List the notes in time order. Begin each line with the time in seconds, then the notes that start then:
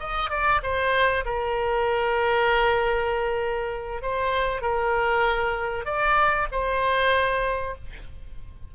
0.00 D#5
0.30 D5
0.63 C5
1.26 A#4
4.02 C5
4.62 A#4
5.86 D5
6.52 C5